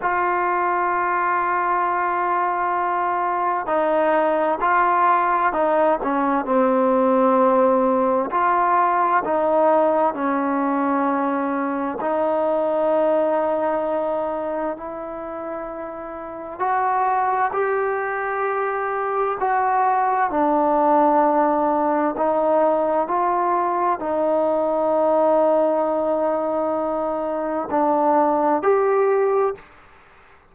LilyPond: \new Staff \with { instrumentName = "trombone" } { \time 4/4 \tempo 4 = 65 f'1 | dis'4 f'4 dis'8 cis'8 c'4~ | c'4 f'4 dis'4 cis'4~ | cis'4 dis'2. |
e'2 fis'4 g'4~ | g'4 fis'4 d'2 | dis'4 f'4 dis'2~ | dis'2 d'4 g'4 | }